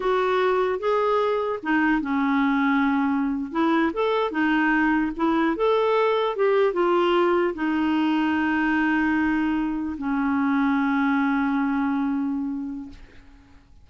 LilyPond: \new Staff \with { instrumentName = "clarinet" } { \time 4/4 \tempo 4 = 149 fis'2 gis'2 | dis'4 cis'2.~ | cis'8. e'4 a'4 dis'4~ dis'16~ | dis'8. e'4 a'2 g'16~ |
g'8. f'2 dis'4~ dis'16~ | dis'1~ | dis'8. cis'2.~ cis'16~ | cis'1 | }